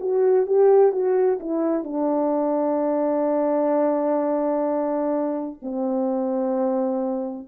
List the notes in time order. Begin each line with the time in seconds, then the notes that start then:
0.00 F#4
0.46 G4
0.92 F#4
1.40 E4
1.84 D4
5.62 C4